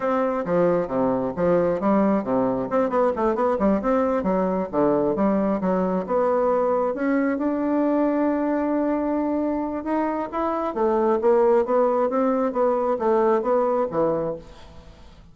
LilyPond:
\new Staff \with { instrumentName = "bassoon" } { \time 4/4 \tempo 4 = 134 c'4 f4 c4 f4 | g4 c4 c'8 b8 a8 b8 | g8 c'4 fis4 d4 g8~ | g8 fis4 b2 cis'8~ |
cis'8 d'2.~ d'8~ | d'2 dis'4 e'4 | a4 ais4 b4 c'4 | b4 a4 b4 e4 | }